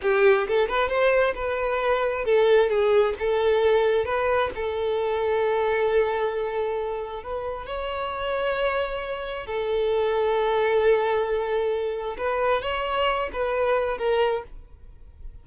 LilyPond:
\new Staff \with { instrumentName = "violin" } { \time 4/4 \tempo 4 = 133 g'4 a'8 b'8 c''4 b'4~ | b'4 a'4 gis'4 a'4~ | a'4 b'4 a'2~ | a'1 |
b'4 cis''2.~ | cis''4 a'2.~ | a'2. b'4 | cis''4. b'4. ais'4 | }